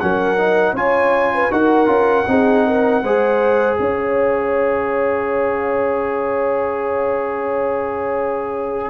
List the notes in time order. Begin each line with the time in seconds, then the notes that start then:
0.00 F#3 C#4 A#4 F#5
0.38 D#4
0.73 C#4 F4 C#5 G#5
1.34 B4
1.51 D#4 F#4 A#4 F#5
1.86 C#4 F4
2.28 C4 D#4 G#4
2.67 A#4
3.03 G#3 G#4 C5
3.78 C#4 C#5 F5